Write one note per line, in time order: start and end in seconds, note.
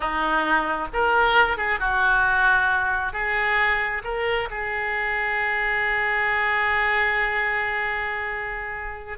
0.00 0.88 D#4
0.93 1.57 A#4
1.57 1.79 G#4
1.79 3.12 F#4
3.12 4.02 G#4
4.03 4.48 A#4
4.50 9.18 G#4